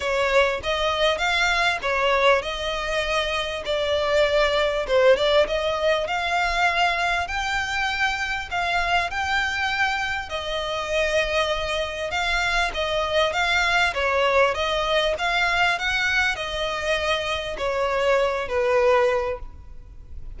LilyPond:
\new Staff \with { instrumentName = "violin" } { \time 4/4 \tempo 4 = 99 cis''4 dis''4 f''4 cis''4 | dis''2 d''2 | c''8 d''8 dis''4 f''2 | g''2 f''4 g''4~ |
g''4 dis''2. | f''4 dis''4 f''4 cis''4 | dis''4 f''4 fis''4 dis''4~ | dis''4 cis''4. b'4. | }